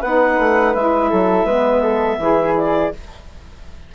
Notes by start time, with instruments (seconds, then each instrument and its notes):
0.00 bassoon B3, saxophone D#4, flute B4, clarinet F#5
0.38 bassoon A3
0.74 bassoon G#3, saxophone E4, clarinet E5
1.09 bassoon F#3, flute A4
1.44 bassoon G#3, saxophone B3, flute B4
1.81 flute A4
2.18 bassoon E3, saxophone E4, flute G#4
2.56 clarinet D5